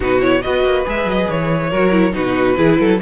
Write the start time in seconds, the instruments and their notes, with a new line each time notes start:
0.00 cello B2, viola D#4, violin F#4 B4
0.21 viola E4, violin C#5
0.41 cello B3, viola F#4, violin B4 D#5
0.63 cello A#3
0.85 cello G#3, viola G#4, violin E5
1.04 cello F#3, violin D#5
1.30 cello E3, violin C#5
1.70 cello F#3, viola F#4, violin A#4
1.91 viola E4
2.12 cello B2, viola D#4, violin F#4 B4
2.56 cello E3, viola E4, violin G#4
2.79 cello F#3, violin A4